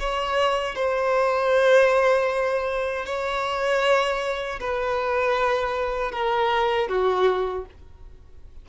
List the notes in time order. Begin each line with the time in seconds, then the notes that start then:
0.00 C#5
0.76 C5
3.06 C#5
4.61 B4
6.12 A#4
6.89 F#4